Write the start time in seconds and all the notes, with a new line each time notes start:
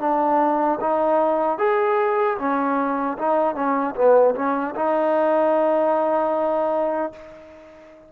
0.00 D4
0.81 D#4
1.59 G#4
2.39 C#4
3.19 D#4
3.55 C#4
3.95 B3
4.35 C#4
4.75 D#4